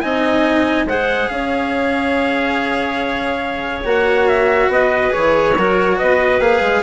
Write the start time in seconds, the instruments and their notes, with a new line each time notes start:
0.00 bassoon C4, cello D#4, clarinet D#5, trumpet G#5
0.85 bassoon G#3, cello G#4, clarinet C5, trumpet F#5
1.28 bassoon C#4, clarinet C#5, trumpet F5
3.84 bassoon A#3, cello F#4, trumpet F#5
4.28 trumpet E5
4.68 bassoon B3, clarinet B4, trumpet D#5
5.10 cello G#4, trumpet C#5
5.16 bassoon E3
5.57 bassoon F#3, cello F#4, clarinet A#4
5.98 bassoon B3, clarinet B4, trumpet D#5
6.39 bassoon A#3, cello G#4, trumpet F5
6.61 bassoon G#3